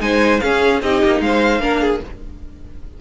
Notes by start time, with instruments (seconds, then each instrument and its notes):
0.00 cello G#3, viola D#4, violin C5 G#5
0.40 viola C#4, cello C#4, violin G#4 F5
0.82 cello C4, viola D#4, violin G4 D#5
1.04 cello A#3
1.20 cello G#3, violin C5 F5
1.60 cello A#3, viola D4, violin A#4
1.81 violin G#4